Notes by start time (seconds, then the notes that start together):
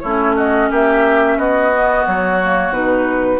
0.00 A3 C#4 E4 C#5
0.36 F#4 D#5
0.71 A#3 G4 E5
1.37 B3 F#4 D#5
1.73 B3
2.07 F#3 C#5
2.42 A#3
2.71 B2 D#4 B4